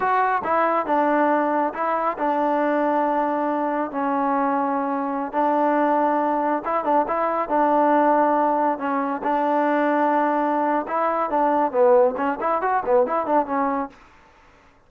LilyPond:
\new Staff \with { instrumentName = "trombone" } { \time 4/4 \tempo 4 = 138 fis'4 e'4 d'2 | e'4 d'2.~ | d'4 cis'2.~ | cis'16 d'2. e'8 d'16~ |
d'16 e'4 d'2~ d'8.~ | d'16 cis'4 d'2~ d'8.~ | d'4 e'4 d'4 b4 | cis'8 e'8 fis'8 b8 e'8 d'8 cis'4 | }